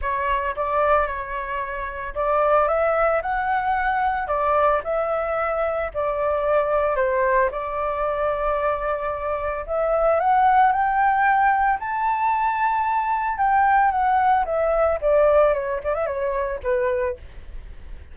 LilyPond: \new Staff \with { instrumentName = "flute" } { \time 4/4 \tempo 4 = 112 cis''4 d''4 cis''2 | d''4 e''4 fis''2 | d''4 e''2 d''4~ | d''4 c''4 d''2~ |
d''2 e''4 fis''4 | g''2 a''2~ | a''4 g''4 fis''4 e''4 | d''4 cis''8 d''16 e''16 cis''4 b'4 | }